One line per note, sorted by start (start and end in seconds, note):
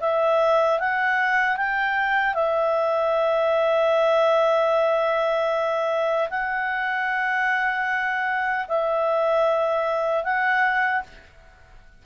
0.00 0.79 E5
0.79 1.56 F#5
1.56 2.34 G5
2.34 6.29 E5
6.29 8.66 F#5
8.67 10.23 E5
10.23 11.02 F#5